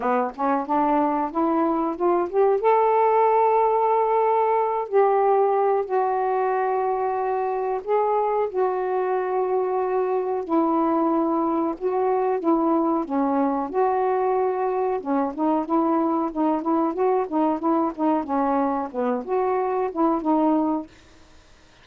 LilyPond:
\new Staff \with { instrumentName = "saxophone" } { \time 4/4 \tempo 4 = 92 b8 cis'8 d'4 e'4 f'8 g'8 | a'2.~ a'8 g'8~ | g'4 fis'2. | gis'4 fis'2. |
e'2 fis'4 e'4 | cis'4 fis'2 cis'8 dis'8 | e'4 dis'8 e'8 fis'8 dis'8 e'8 dis'8 | cis'4 b8 fis'4 e'8 dis'4 | }